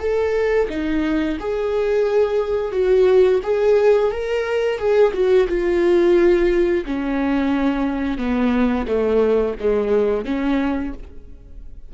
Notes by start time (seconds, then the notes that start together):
0.00 A4
0.70 D#4
1.40 G#4
2.72 F#4
3.44 G#4
4.12 A#4
4.79 G#4
5.14 F#4
5.49 F4
6.86 C#4
8.18 B3
8.88 A3
9.60 G#3
10.26 C#4